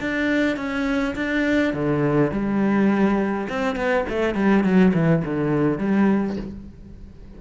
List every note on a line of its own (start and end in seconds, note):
0.00 0.56 D4
0.56 1.14 C#4
1.15 1.73 D4
1.73 2.31 D3
2.31 3.48 G3
3.49 3.75 C4
3.75 4.05 B3
4.09 4.34 A3
4.34 4.63 G3
4.63 4.92 F#3
4.94 5.23 E3
5.25 5.78 D3
5.78 6.36 G3